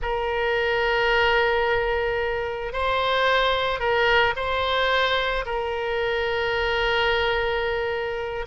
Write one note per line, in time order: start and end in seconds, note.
0.01 2.72 A#4
2.72 3.79 C5
3.79 4.34 A#4
4.35 5.44 C5
5.45 8.45 A#4